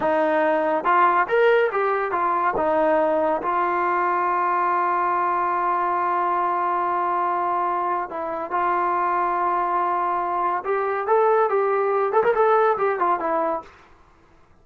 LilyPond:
\new Staff \with { instrumentName = "trombone" } { \time 4/4 \tempo 4 = 141 dis'2 f'4 ais'4 | g'4 f'4 dis'2 | f'1~ | f'1~ |
f'2. e'4 | f'1~ | f'4 g'4 a'4 g'4~ | g'8 a'16 ais'16 a'4 g'8 f'8 e'4 | }